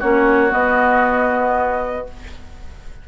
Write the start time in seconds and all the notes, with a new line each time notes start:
0.00 A#3 C#4 F#4 C#5
0.50 B3 D#5